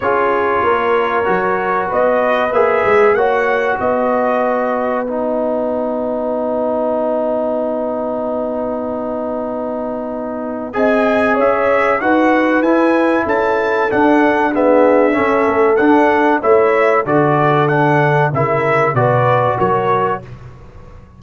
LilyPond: <<
  \new Staff \with { instrumentName = "trumpet" } { \time 4/4 \tempo 4 = 95 cis''2. dis''4 | e''4 fis''4 dis''2 | fis''1~ | fis''1~ |
fis''4 gis''4 e''4 fis''4 | gis''4 a''4 fis''4 e''4~ | e''4 fis''4 e''4 d''4 | fis''4 e''4 d''4 cis''4 | }
  \new Staff \with { instrumentName = "horn" } { \time 4/4 gis'4 ais'2 b'4~ | b'4 cis''4 b'2~ | b'1~ | b'1~ |
b'4 dis''4 cis''4 b'4~ | b'4 a'2 gis'4 | a'2 cis''4 a'4~ | a'4 ais'4 b'4 ais'4 | }
  \new Staff \with { instrumentName = "trombone" } { \time 4/4 f'2 fis'2 | gis'4 fis'2. | dis'1~ | dis'1~ |
dis'4 gis'2 fis'4 | e'2 d'4 b4 | cis'4 d'4 e'4 fis'4 | d'4 e'4 fis'2 | }
  \new Staff \with { instrumentName = "tuba" } { \time 4/4 cis'4 ais4 fis4 b4 | ais8 gis8 ais4 b2~ | b1~ | b1~ |
b4 c'4 cis'4 dis'4 | e'4 cis'4 d'2 | cis'8 a8 d'4 a4 d4~ | d4 cis4 b,4 fis4 | }
>>